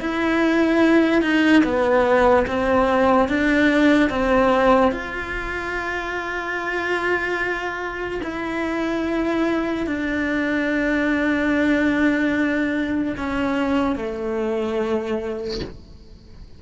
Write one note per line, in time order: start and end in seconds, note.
0.00 1.22 E4
1.22 1.63 D#4
1.64 2.46 B3
2.47 3.29 C4
3.29 4.10 D4
4.10 4.92 C4
4.92 8.21 F4
8.23 9.87 E4
9.87 13.15 D4
13.17 13.96 C#4
13.96 15.60 A3